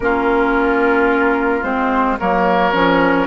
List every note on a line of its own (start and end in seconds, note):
0.00 1.62 A#3
0.00 1.63 C#4
0.00 2.19 F4
0.00 1.63 A#4
1.63 2.17 G#3
1.63 2.17 C4
1.63 2.17 C5
2.19 2.73 F#3
2.19 2.72 A#3
2.19 3.27 A#4
2.19 3.27 C#5
2.72 3.27 F3
2.72 3.27 C#4